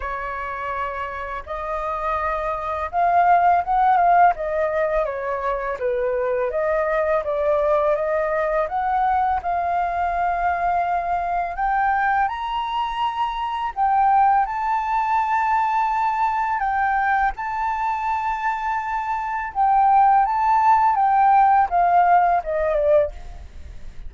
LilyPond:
\new Staff \with { instrumentName = "flute" } { \time 4/4 \tempo 4 = 83 cis''2 dis''2 | f''4 fis''8 f''8 dis''4 cis''4 | b'4 dis''4 d''4 dis''4 | fis''4 f''2. |
g''4 ais''2 g''4 | a''2. g''4 | a''2. g''4 | a''4 g''4 f''4 dis''8 d''8 | }